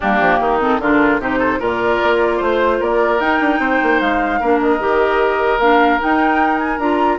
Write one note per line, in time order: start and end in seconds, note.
0.00 0.20 G3
0.00 0.60 A#3
0.00 0.39 D4
0.00 0.61 G4
0.20 0.39 F3
0.39 0.79 D#3
0.39 0.81 D#4
0.60 0.80 C4
0.60 0.81 A4
0.79 1.19 D3
0.79 1.20 D4
0.79 1.20 F4
0.79 1.21 A#4
1.19 1.59 C3
1.19 1.59 D#4
1.19 1.39 G4
1.19 1.62 C5
1.39 1.59 A4
1.59 2.00 A#2
1.59 3.19 F4
1.59 2.37 A#4
1.59 2.42 D5
2.02 2.40 A#3
2.37 2.80 A3
2.37 2.77 C5
2.37 2.82 C5
2.80 3.20 A#3
2.80 3.60 A#4
2.80 3.20 D5
3.20 3.40 D#4
3.20 4.41 D#4
3.20 4.00 G5
3.40 3.59 D4
3.59 3.79 C4
3.59 4.40 C5
3.82 4.01 A#3
4.00 4.41 G#3
4.00 4.60 F5
4.40 4.79 A#3
4.40 4.79 D4
4.40 7.18 A#4
4.60 5.59 D#5
4.79 5.59 D#3
4.79 5.59 G4
5.59 5.99 A#3
5.59 5.99 D4
5.59 5.99 F5
5.99 6.79 D#4
5.99 6.78 D#4
5.99 6.58 G5
6.58 6.78 G#5
6.78 7.18 D4
6.78 7.18 F4
6.78 7.18 A#5